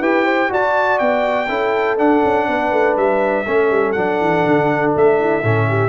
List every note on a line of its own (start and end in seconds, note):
0.00 0.49 E4
0.00 0.49 G4
0.00 0.25 B4
0.00 0.52 G5
0.25 0.49 C5
0.49 1.47 F#4
0.49 1.01 F#4
0.49 1.49 D5
0.49 0.99 A5
0.99 1.49 B3
0.99 1.97 G5
1.49 1.98 C#4
1.49 1.98 E4
1.49 2.47 A4
1.98 3.45 D4
1.98 2.23 D4
1.98 2.97 F#5
2.25 2.48 C#4
2.48 2.72 B3
2.48 3.48 B4
2.72 2.97 A3
2.97 3.46 G3
2.97 3.92 E5
3.47 3.71 A3
3.47 3.96 C#4
3.47 5.20 A4
3.71 3.96 G3
3.92 4.20 F#3
3.92 5.43 D4
3.92 4.90 F#5
4.20 4.45 E3
4.46 4.95 D3
4.96 5.44 A3
4.96 5.89 E5
5.20 5.42 E4
5.42 5.89 A2
5.42 5.89 C#4
5.42 5.66 A4
5.69 5.89 G4